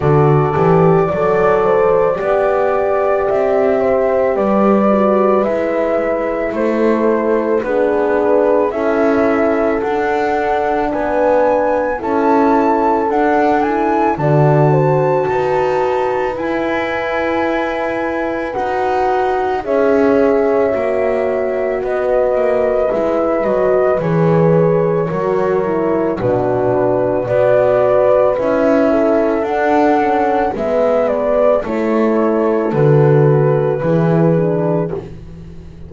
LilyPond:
<<
  \new Staff \with { instrumentName = "flute" } { \time 4/4 \tempo 4 = 55 d''2. e''4 | d''4 e''4 c''4 b'4 | e''4 fis''4 gis''4 a''4 | fis''8 gis''8 a''2 gis''4~ |
gis''4 fis''4 e''2 | dis''4 e''8 dis''8 cis''2 | b'4 d''4 e''4 fis''4 | e''8 d''8 cis''4 b'2 | }
  \new Staff \with { instrumentName = "horn" } { \time 4/4 a'4 d''8 c''8 d''4. c''8 | b'2 a'4 gis'4 | a'2 b'4 a'4~ | a'4 d''8 c''8 b'2~ |
b'2 cis''2 | b'2. ais'4 | fis'4 b'4. a'4. | b'4 a'2 gis'4 | }
  \new Staff \with { instrumentName = "horn" } { \time 4/4 fis'8 g'8 a'4 g'2~ | g'8 fis'8 e'2 d'4 | e'4 d'2 e'4 | d'8 e'8 fis'2 e'4~ |
e'4 fis'4 gis'4 fis'4~ | fis'4 e'8 fis'8 gis'4 fis'8 e'8 | d'4 fis'4 e'4 d'8 cis'8 | b4 e'4 fis'4 e'8 d'8 | }
  \new Staff \with { instrumentName = "double bass" } { \time 4/4 d8 e8 fis4 b4 c'4 | g4 gis4 a4 b4 | cis'4 d'4 b4 cis'4 | d'4 d4 dis'4 e'4~ |
e'4 dis'4 cis'4 ais4 | b8 ais8 gis8 fis8 e4 fis4 | b,4 b4 cis'4 d'4 | gis4 a4 d4 e4 | }
>>